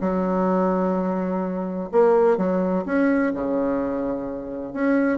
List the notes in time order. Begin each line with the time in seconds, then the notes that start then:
0.00 F#3
1.92 A#3
2.37 F#3
2.85 C#4
3.34 C#3
4.73 C#4